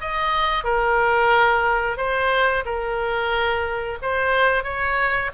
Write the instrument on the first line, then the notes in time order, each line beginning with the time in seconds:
oboe
0.00 D#5
0.64 A#4
1.97 C5
2.65 A#4
4.02 C5
4.63 C#5